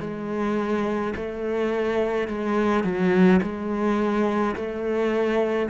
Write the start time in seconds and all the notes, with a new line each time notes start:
0.00 G#3
1.16 A3
2.27 G#3
2.84 F#3
3.42 G#3
4.55 A3